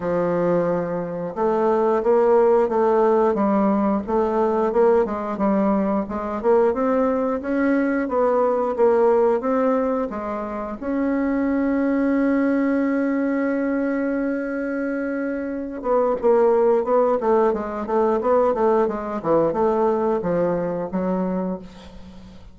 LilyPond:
\new Staff \with { instrumentName = "bassoon" } { \time 4/4 \tempo 4 = 89 f2 a4 ais4 | a4 g4 a4 ais8 gis8 | g4 gis8 ais8 c'4 cis'4 | b4 ais4 c'4 gis4 |
cis'1~ | cis'2.~ cis'8 b8 | ais4 b8 a8 gis8 a8 b8 a8 | gis8 e8 a4 f4 fis4 | }